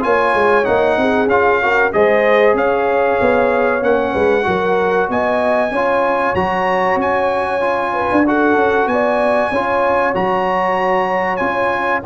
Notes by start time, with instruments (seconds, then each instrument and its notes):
0.00 tuba A#3, trombone F4, horn C#5, trumpet G#5
0.34 tuba G#3
0.64 tuba A#3, trombone D#4, trumpet F#5
0.97 tuba C4, horn G#4
1.26 tuba C#4, trombone F4, trumpet F5
1.62 trombone F#4, horn A#4
1.92 tuba G#3, trombone G#4, horn C5, trumpet D#5
2.53 tuba C#4, horn C#5, trumpet F5
3.20 tuba B3
3.81 tuba A#3, trombone C#4, trumpet F#5
4.12 tuba G#3, horn B4
4.43 tuba F#3, trombone F#4, horn A#4
5.09 tuba B3, horn D#5, trumpet G#5
5.71 tuba C#4, trombone F4, horn C#5
6.34 tuba F#3, trombone F#4, trumpet A#5
6.95 tuba C#4, trumpet G#5
7.60 trombone F4
7.93 horn B4
8.11 tuba D4
8.26 trombone F#4, horn A4, trumpet F#5
8.55 tuba C#4
8.86 tuba B3, horn D5, trumpet G#5
9.50 tuba C#4, trombone F4, horn C#5
10.14 tuba F#3, trombone F#4, trumpet A#5
11.36 tuba C#4, trombone F4, trumpet G#5